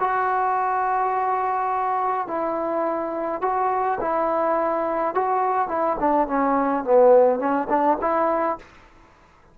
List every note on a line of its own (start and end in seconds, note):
0.00 2.28 F#4
2.28 3.42 E4
3.42 3.99 F#4
4.01 5.15 E4
5.15 5.68 F#4
5.68 5.97 E4
6.00 6.28 D4
6.28 6.84 C#4
6.84 7.39 B3
7.39 7.68 C#4
7.69 7.98 D4
8.01 8.58 E4